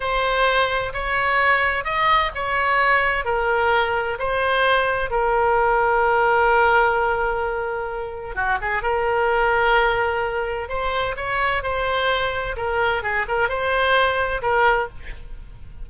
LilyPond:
\new Staff \with { instrumentName = "oboe" } { \time 4/4 \tempo 4 = 129 c''2 cis''2 | dis''4 cis''2 ais'4~ | ais'4 c''2 ais'4~ | ais'1~ |
ais'2 fis'8 gis'8 ais'4~ | ais'2. c''4 | cis''4 c''2 ais'4 | gis'8 ais'8 c''2 ais'4 | }